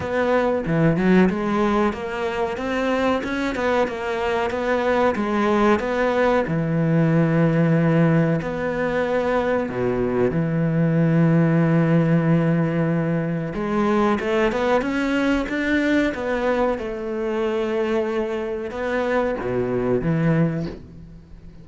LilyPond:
\new Staff \with { instrumentName = "cello" } { \time 4/4 \tempo 4 = 93 b4 e8 fis8 gis4 ais4 | c'4 cis'8 b8 ais4 b4 | gis4 b4 e2~ | e4 b2 b,4 |
e1~ | e4 gis4 a8 b8 cis'4 | d'4 b4 a2~ | a4 b4 b,4 e4 | }